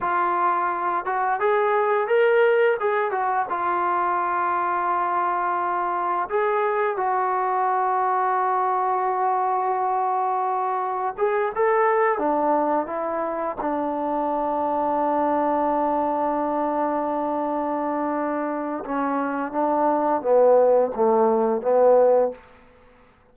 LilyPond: \new Staff \with { instrumentName = "trombone" } { \time 4/4 \tempo 4 = 86 f'4. fis'8 gis'4 ais'4 | gis'8 fis'8 f'2.~ | f'4 gis'4 fis'2~ | fis'1 |
gis'8 a'4 d'4 e'4 d'8~ | d'1~ | d'2. cis'4 | d'4 b4 a4 b4 | }